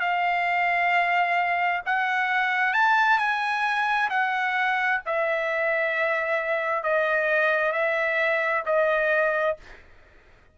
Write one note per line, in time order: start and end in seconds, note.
0.00 1.82 F5
1.86 2.74 F#5
2.74 3.18 A5
3.18 4.09 G#5
4.10 5.01 F#5
5.06 6.83 E5
6.83 7.72 D#5
7.72 8.63 E5
8.66 9.57 D#5